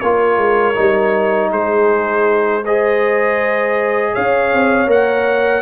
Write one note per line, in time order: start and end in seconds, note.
0.00 0.37 A#3
0.00 0.74 F4
0.00 1.51 A#4
0.00 1.50 C#5
0.37 0.75 G#3
0.74 1.52 G3
0.74 2.62 D#4
1.51 4.14 G#3
1.51 2.63 G#4
1.51 2.65 C5
2.65 4.87 G#4
2.65 4.13 C5
2.65 4.15 D#5
4.13 4.53 C#4
4.13 5.62 C#5
4.13 4.90 F5
4.53 4.87 C4
4.87 5.62 A#3
4.87 5.62 A#4
4.87 5.62 F#5